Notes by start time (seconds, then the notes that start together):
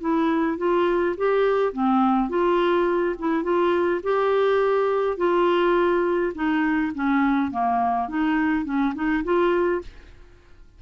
0.00 E4
0.57 F4
1.17 G4
1.72 C4
2.29 F4
3.19 E4
3.43 F4
4.03 G4
5.17 F4
6.34 D#4
6.94 C#4
7.51 A#3
8.08 D#4
8.65 C#4
8.94 D#4
9.24 F4